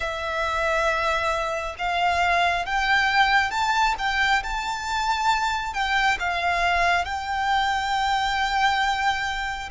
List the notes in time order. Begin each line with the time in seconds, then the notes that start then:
0.00 E5
1.78 F5
2.65 G5
3.51 A5
3.98 G5
4.43 A5
5.73 G5
6.19 F5
7.04 G5